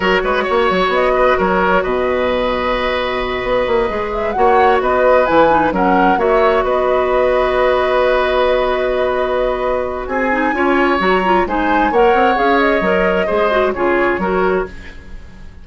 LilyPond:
<<
  \new Staff \with { instrumentName = "flute" } { \time 4/4 \tempo 4 = 131 cis''2 dis''4 cis''4 | dis''1~ | dis''4 e''8 fis''4 dis''4 gis''8~ | gis''8 fis''4 e''4 dis''4.~ |
dis''1~ | dis''2 gis''2 | ais''4 gis''4 fis''4 f''8 dis''8~ | dis''2 cis''2 | }
  \new Staff \with { instrumentName = "oboe" } { \time 4/4 ais'8 b'8 cis''4. b'8 ais'4 | b'1~ | b'4. cis''4 b'4.~ | b'8 ais'4 cis''4 b'4.~ |
b'1~ | b'2 gis'4 cis''4~ | cis''4 c''4 cis''2~ | cis''4 c''4 gis'4 ais'4 | }
  \new Staff \with { instrumentName = "clarinet" } { \time 4/4 fis'1~ | fis'1~ | fis'8 gis'4 fis'2 e'8 | dis'8 cis'4 fis'2~ fis'8~ |
fis'1~ | fis'2~ fis'8 dis'8 f'4 | fis'8 f'8 dis'4 ais'4 gis'4 | ais'4 gis'8 fis'8 f'4 fis'4 | }
  \new Staff \with { instrumentName = "bassoon" } { \time 4/4 fis8 gis8 ais8 fis8 b4 fis4 | b,2.~ b,8 b8 | ais8 gis4 ais4 b4 e8~ | e8 fis4 ais4 b4.~ |
b1~ | b2 c'4 cis'4 | fis4 gis4 ais8 c'8 cis'4 | fis4 gis4 cis4 fis4 | }
>>